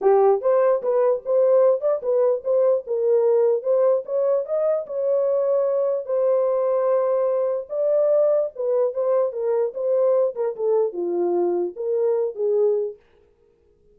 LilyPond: \new Staff \with { instrumentName = "horn" } { \time 4/4 \tempo 4 = 148 g'4 c''4 b'4 c''4~ | c''8 d''8 b'4 c''4 ais'4~ | ais'4 c''4 cis''4 dis''4 | cis''2. c''4~ |
c''2. d''4~ | d''4 b'4 c''4 ais'4 | c''4. ais'8 a'4 f'4~ | f'4 ais'4. gis'4. | }